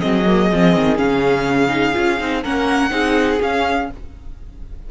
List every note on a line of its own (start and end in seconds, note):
0.00 0.51 F#3
0.00 0.25 C4
0.00 2.42 G#4
0.00 0.97 D#5
0.26 0.50 A#3
0.51 0.75 F3
0.51 0.96 C4
0.75 0.98 D#3
0.96 1.95 C#3
0.96 1.68 C#4
0.96 2.43 F5
1.68 1.92 D#4
1.93 2.20 C#4
1.93 2.18 F4
2.19 2.44 C4
2.19 2.43 D#4
2.42 2.90 A#3
2.42 2.90 C#4
2.42 2.90 A#4
2.42 3.41 F#5
2.90 3.39 C4
2.90 3.38 D#4
2.90 3.89 G#4
3.40 3.89 C#4
3.40 3.90 C#4
3.40 3.90 F5